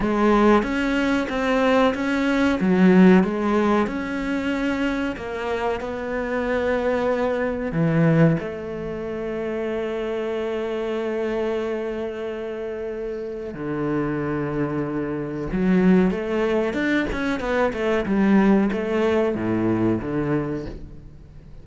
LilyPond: \new Staff \with { instrumentName = "cello" } { \time 4/4 \tempo 4 = 93 gis4 cis'4 c'4 cis'4 | fis4 gis4 cis'2 | ais4 b2. | e4 a2.~ |
a1~ | a4 d2. | fis4 a4 d'8 cis'8 b8 a8 | g4 a4 a,4 d4 | }